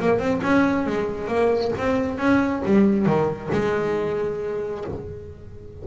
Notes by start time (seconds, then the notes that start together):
0.00 A#3
0.19 C4
0.43 C#4
0.86 G#3
1.28 A#3
1.78 C4
2.18 C#4
2.65 G3
3.06 D#3
3.53 G#3